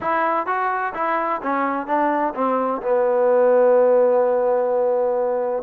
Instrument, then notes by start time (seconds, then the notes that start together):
trombone
0.00 E4
0.46 F#4
0.94 E4
1.42 C#4
1.86 D4
2.34 C4
2.81 B3